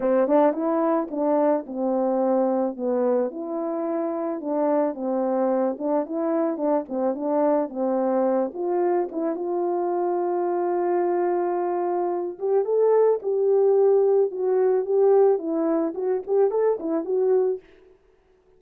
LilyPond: \new Staff \with { instrumentName = "horn" } { \time 4/4 \tempo 4 = 109 c'8 d'8 e'4 d'4 c'4~ | c'4 b4 e'2 | d'4 c'4. d'8 e'4 | d'8 c'8 d'4 c'4. f'8~ |
f'8 e'8 f'2.~ | f'2~ f'8 g'8 a'4 | g'2 fis'4 g'4 | e'4 fis'8 g'8 a'8 e'8 fis'4 | }